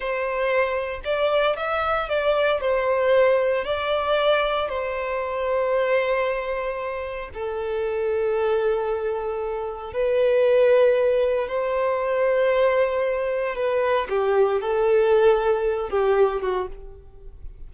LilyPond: \new Staff \with { instrumentName = "violin" } { \time 4/4 \tempo 4 = 115 c''2 d''4 e''4 | d''4 c''2 d''4~ | d''4 c''2.~ | c''2 a'2~ |
a'2. b'4~ | b'2 c''2~ | c''2 b'4 g'4 | a'2~ a'8 g'4 fis'8 | }